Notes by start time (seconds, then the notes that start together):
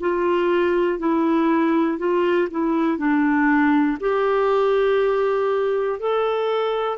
0.00 F4
0.99 E4
1.98 F4
2.50 E4
2.98 D4
4.00 G4
5.99 A4